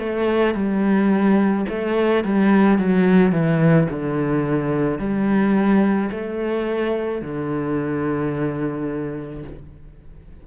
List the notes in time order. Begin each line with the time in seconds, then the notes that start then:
0.00 A3
0.55 G3
1.69 A3
2.24 G3
2.79 F#3
3.33 E3
3.90 D3
4.99 G3
6.11 A3
7.22 D3